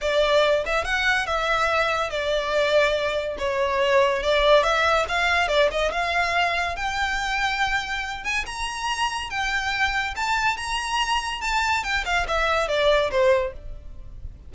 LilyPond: \new Staff \with { instrumentName = "violin" } { \time 4/4 \tempo 4 = 142 d''4. e''8 fis''4 e''4~ | e''4 d''2. | cis''2 d''4 e''4 | f''4 d''8 dis''8 f''2 |
g''2.~ g''8 gis''8 | ais''2 g''2 | a''4 ais''2 a''4 | g''8 f''8 e''4 d''4 c''4 | }